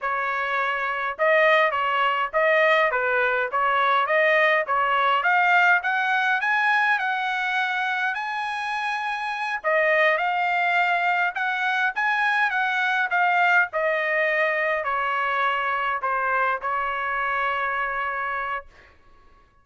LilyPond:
\new Staff \with { instrumentName = "trumpet" } { \time 4/4 \tempo 4 = 103 cis''2 dis''4 cis''4 | dis''4 b'4 cis''4 dis''4 | cis''4 f''4 fis''4 gis''4 | fis''2 gis''2~ |
gis''8 dis''4 f''2 fis''8~ | fis''8 gis''4 fis''4 f''4 dis''8~ | dis''4. cis''2 c''8~ | c''8 cis''2.~ cis''8 | }